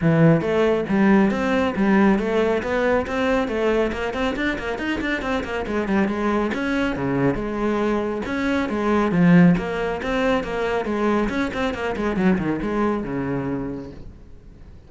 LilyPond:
\new Staff \with { instrumentName = "cello" } { \time 4/4 \tempo 4 = 138 e4 a4 g4 c'4 | g4 a4 b4 c'4 | a4 ais8 c'8 d'8 ais8 dis'8 d'8 | c'8 ais8 gis8 g8 gis4 cis'4 |
cis4 gis2 cis'4 | gis4 f4 ais4 c'4 | ais4 gis4 cis'8 c'8 ais8 gis8 | fis8 dis8 gis4 cis2 | }